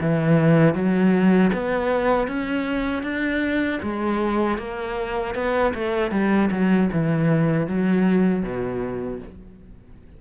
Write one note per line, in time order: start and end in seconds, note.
0.00 0.74 E3
0.74 1.51 F#3
1.53 2.27 B3
2.27 3.02 C#4
3.02 3.79 D4
3.82 4.58 G#3
4.58 5.34 A#3
5.34 5.73 B3
5.74 6.11 A3
6.11 6.49 G3
6.51 6.89 F#3
6.92 7.67 E3
7.67 8.43 F#3
8.43 9.20 B2